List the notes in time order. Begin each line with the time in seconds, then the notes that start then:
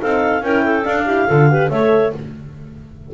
0.00 C4 D#4 A4 F5
0.42 C#4 E4 A#4 G5
0.65 A4
0.84 D4 F5
1.06 E4 G4
1.28 D3 F4 A4
1.49 G4 B4
1.70 A3 A4 C#5 E5